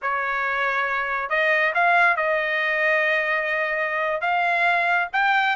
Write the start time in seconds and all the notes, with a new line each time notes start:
0.02 C#5
1.29 D#5
1.74 F5
2.16 D#5
4.21 F5
5.12 G5